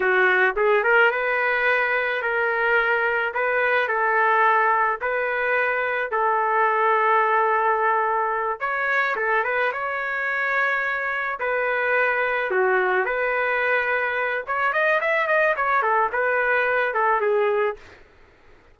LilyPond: \new Staff \with { instrumentName = "trumpet" } { \time 4/4 \tempo 4 = 108 fis'4 gis'8 ais'8 b'2 | ais'2 b'4 a'4~ | a'4 b'2 a'4~ | a'2.~ a'8 cis''8~ |
cis''8 a'8 b'8 cis''2~ cis''8~ | cis''8 b'2 fis'4 b'8~ | b'2 cis''8 dis''8 e''8 dis''8 | cis''8 a'8 b'4. a'8 gis'4 | }